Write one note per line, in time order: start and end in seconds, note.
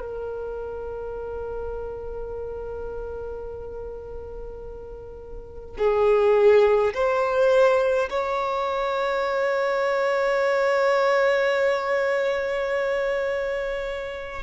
0.00 5.77 A#4
5.78 6.93 G#4
6.93 8.09 C5
8.10 14.42 C#5